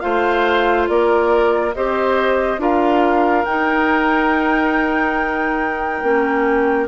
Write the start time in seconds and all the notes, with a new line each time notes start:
0.00 A3 F4 C5 F5
0.88 A#3 A#4 D5
1.75 C4 G4 C5 D#5
2.58 D4 F4 A#4 F5
3.45 D#4 G5
6.03 A#3 C#4